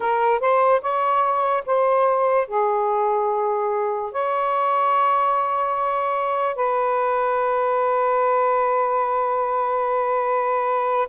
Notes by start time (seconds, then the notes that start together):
0.00 A#4
0.40 C5
0.81 C#5
1.66 C5
2.47 G#4
4.12 C#5
6.55 B4